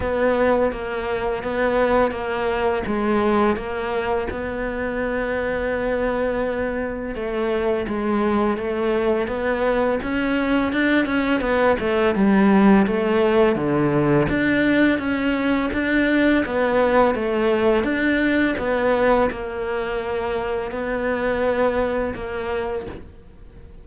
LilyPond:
\new Staff \with { instrumentName = "cello" } { \time 4/4 \tempo 4 = 84 b4 ais4 b4 ais4 | gis4 ais4 b2~ | b2 a4 gis4 | a4 b4 cis'4 d'8 cis'8 |
b8 a8 g4 a4 d4 | d'4 cis'4 d'4 b4 | a4 d'4 b4 ais4~ | ais4 b2 ais4 | }